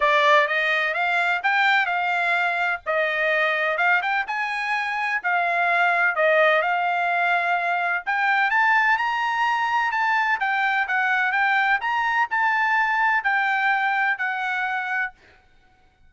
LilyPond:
\new Staff \with { instrumentName = "trumpet" } { \time 4/4 \tempo 4 = 127 d''4 dis''4 f''4 g''4 | f''2 dis''2 | f''8 g''8 gis''2 f''4~ | f''4 dis''4 f''2~ |
f''4 g''4 a''4 ais''4~ | ais''4 a''4 g''4 fis''4 | g''4 ais''4 a''2 | g''2 fis''2 | }